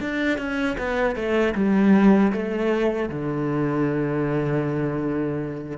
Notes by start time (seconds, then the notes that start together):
0.00 D4
0.37 C#4
0.78 B3
1.15 A3
1.55 G3
2.32 A3
3.09 D3